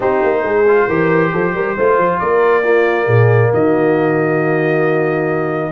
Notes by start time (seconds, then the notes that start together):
0.00 C4 D#4 G4 C5
0.23 A#3
0.43 G#3 G#4
0.67 F4
0.87 E3 G4 A#4
1.31 F3 A4
1.53 G3 A#4
1.75 A3 F4 C5
1.97 F3
2.19 A#3 A#4 D5
2.63 A#3 F4
3.04 A#2 G#4
3.53 D#3 F#4 D#5